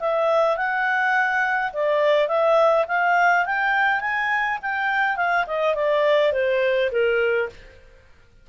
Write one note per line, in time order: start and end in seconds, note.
0.00 0.57 E5
0.57 1.72 F#5
1.73 2.28 D5
2.28 2.86 E5
2.88 3.46 F5
3.46 4.01 G5
4.01 4.59 G#5
4.62 5.17 G5
5.17 5.45 F5
5.47 5.75 D#5
5.75 6.33 D5
6.33 6.91 C5
6.92 7.50 A#4